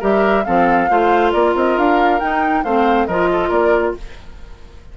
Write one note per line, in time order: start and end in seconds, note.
0.00 0.46 G3
0.00 0.44 G4
0.00 0.44 A#4
0.00 0.45 E5
0.45 0.90 F3
0.45 0.89 C4
0.45 0.90 A4
0.45 1.32 F5
0.90 1.34 A3
0.90 2.20 F4
0.90 1.33 C5
1.32 1.55 A#3
1.32 2.64 A#4
1.32 1.54 D5
1.55 1.77 C4
1.55 1.78 D#5
1.77 2.21 D4
1.77 2.20 F5
2.20 2.64 D#4
2.20 2.64 G5
2.64 3.08 A3
2.64 3.09 C4
2.64 3.07 C5
2.64 3.06 F5
3.06 3.50 F3
3.06 3.97 F4
3.06 3.29 A#4
3.06 3.50 D#5
3.32 3.49 A4
3.49 3.94 A#3
3.49 3.92 A#4
3.49 3.94 D5